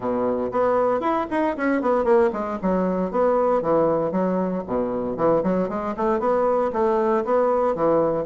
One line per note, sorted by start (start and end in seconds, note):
0.00 0.50 B2
0.51 1.00 B3
1.00 1.26 E4
1.30 1.56 D#4
1.56 1.81 C#4
1.81 2.04 B3
2.04 2.30 A#3
2.32 2.58 G#3
2.61 3.11 F#3
3.11 3.62 B3
3.62 4.11 E3
4.11 4.63 F#3
4.67 5.17 B2
5.17 5.42 E3
5.43 5.68 F#3
5.68 5.94 G#3
5.96 6.19 A3
6.19 6.71 B3
6.72 7.24 A3
7.24 7.75 B3
7.75 8.25 E3